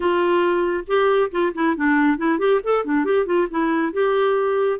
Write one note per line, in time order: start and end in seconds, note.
0.00 0.84 F4
0.87 1.30 G4
1.31 1.53 F4
1.54 1.76 E4
1.76 2.17 D4
2.17 2.39 E4
2.39 2.60 G4
2.63 2.84 A4
2.84 3.04 D4
3.04 3.25 G4
3.25 3.47 F4
3.50 3.92 E4
3.92 4.79 G4